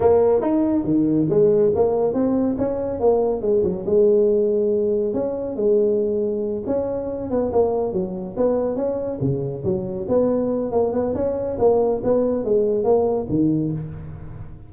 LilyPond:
\new Staff \with { instrumentName = "tuba" } { \time 4/4 \tempo 4 = 140 ais4 dis'4 dis4 gis4 | ais4 c'4 cis'4 ais4 | gis8 fis8 gis2. | cis'4 gis2~ gis8 cis'8~ |
cis'4 b8 ais4 fis4 b8~ | b8 cis'4 cis4 fis4 b8~ | b4 ais8 b8 cis'4 ais4 | b4 gis4 ais4 dis4 | }